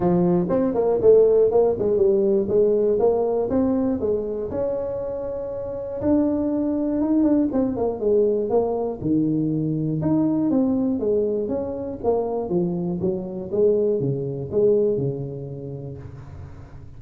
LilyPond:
\new Staff \with { instrumentName = "tuba" } { \time 4/4 \tempo 4 = 120 f4 c'8 ais8 a4 ais8 gis8 | g4 gis4 ais4 c'4 | gis4 cis'2. | d'2 dis'8 d'8 c'8 ais8 |
gis4 ais4 dis2 | dis'4 c'4 gis4 cis'4 | ais4 f4 fis4 gis4 | cis4 gis4 cis2 | }